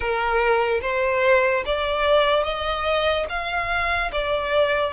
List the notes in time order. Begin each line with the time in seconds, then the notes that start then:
0.00 A#4
0.81 C5
1.65 D5
2.43 D#5
3.29 F5
4.11 D5